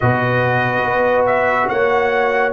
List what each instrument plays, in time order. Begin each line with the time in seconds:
0.00 tuba B2, trombone F#4, horn B4, trumpet D#5
0.83 tuba B3
1.26 trumpet E5
1.68 tuba A#3, horn C#5, trumpet F#5